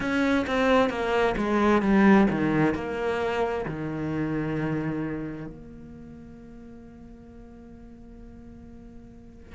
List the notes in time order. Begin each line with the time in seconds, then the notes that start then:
0.00 C#4
0.46 C4
0.89 A#3
1.37 G#3
1.81 G3
2.30 D#3
2.74 A#3
3.65 D#3
5.47 A#3